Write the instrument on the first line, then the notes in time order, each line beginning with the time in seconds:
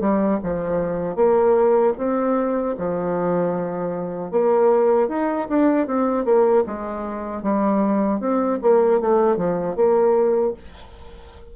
bassoon
0.00 G3
0.43 F3
1.15 A#3
1.98 C4
2.78 F3
4.31 A#3
5.09 D#4
5.49 D4
5.87 C4
6.25 A#3
6.67 G#3
7.43 G3
8.20 C4
8.62 A#3
9.00 A3
9.37 F3
9.76 A#3